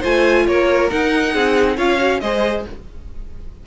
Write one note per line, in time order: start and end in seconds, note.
0.00 0.47 A3
0.00 0.91 F4
0.00 0.44 C5
0.00 0.47 G#5
0.47 0.91 A#3
0.47 1.34 A#4
0.47 0.90 C#5
0.90 1.78 D#4
0.90 1.35 D#4
0.90 1.78 F#5
1.34 1.78 C4
1.34 1.77 G#4
1.77 2.22 C#4
1.77 1.98 F4
1.77 2.20 C#5
1.77 2.21 F5
1.98 2.19 F#4
2.21 2.66 G#3
2.21 2.67 G#4
2.21 2.66 C5
2.21 2.64 D#5